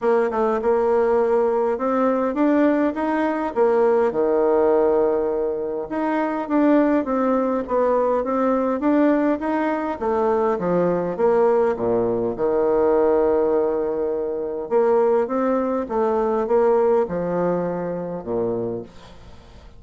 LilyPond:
\new Staff \with { instrumentName = "bassoon" } { \time 4/4 \tempo 4 = 102 ais8 a8 ais2 c'4 | d'4 dis'4 ais4 dis4~ | dis2 dis'4 d'4 | c'4 b4 c'4 d'4 |
dis'4 a4 f4 ais4 | ais,4 dis2.~ | dis4 ais4 c'4 a4 | ais4 f2 ais,4 | }